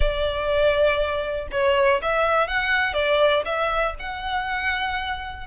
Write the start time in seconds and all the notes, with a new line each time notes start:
0.00 D5
1.51 C#5
2.02 E5
2.47 F#5
2.93 D5
3.45 E5
3.99 F#5